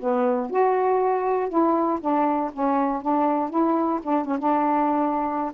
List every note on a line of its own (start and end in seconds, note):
0.00 0.50 B3
0.50 1.49 F#4
1.49 2.00 E4
2.01 2.51 D4
2.53 3.02 C#4
3.02 3.50 D4
3.50 4.00 E4
4.03 4.25 D4
4.25 4.38 C#4
4.39 5.53 D4